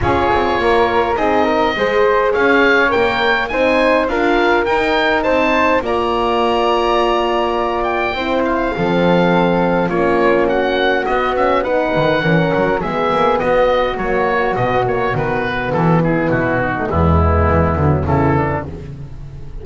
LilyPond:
<<
  \new Staff \with { instrumentName = "oboe" } { \time 4/4 \tempo 4 = 103 cis''2 dis''2 | f''4 g''4 gis''4 f''4 | g''4 a''4 ais''2~ | ais''4. g''4 f''4.~ |
f''4 cis''4 fis''4 dis''8 e''8 | fis''2 e''4 dis''4 | cis''4 dis''8 cis''8 b'4 a'8 gis'8 | fis'4 e'2 a'4 | }
  \new Staff \with { instrumentName = "flute" } { \time 4/4 gis'4 ais'4 gis'8 ais'8 c''4 | cis''2 c''4 ais'4~ | ais'4 c''4 d''2~ | d''2 c''4 a'4~ |
a'4 f'4 fis'2 | b'4 ais'4 gis'4 fis'4~ | fis'2.~ fis'8 e'8~ | e'8 dis'8 b2 e'8 d'8 | }
  \new Staff \with { instrumentName = "horn" } { \time 4/4 f'2 dis'4 gis'4~ | gis'4 ais'4 dis'4 f'4 | dis'2 f'2~ | f'2 e'4 c'4~ |
c'4 cis'2 b8 cis'8 | dis'4 cis'4 b2 | ais4 b8 ais8 b2~ | b8. a16 gis4. fis8 e4 | }
  \new Staff \with { instrumentName = "double bass" } { \time 4/4 cis'8 c'8 ais4 c'4 gis4 | cis'4 ais4 c'4 d'4 | dis'4 c'4 ais2~ | ais2 c'4 f4~ |
f4 ais2 b4~ | b8 dis8 e8 fis8 gis8 ais8 b4 | fis4 b,4 dis4 e4 | b,4 e,4 e8 d8 cis4 | }
>>